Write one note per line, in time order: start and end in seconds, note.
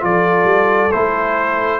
0.00 0.44 F3
0.00 0.90 F4
0.00 1.80 A4
0.00 0.91 D5
0.44 0.89 G3
0.91 1.80 A3
0.91 1.80 E4
0.91 1.80 C5